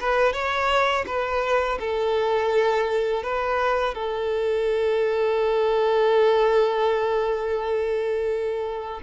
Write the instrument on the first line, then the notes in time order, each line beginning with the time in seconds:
violin
0.00 B4
0.33 C#5
1.06 B4
1.80 A4
3.23 B4
3.95 A4